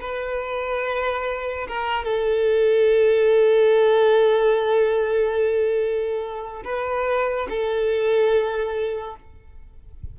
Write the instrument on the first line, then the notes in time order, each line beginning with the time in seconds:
violin
0.00 B4
1.67 A#4
2.04 A4
6.64 B4
7.49 A4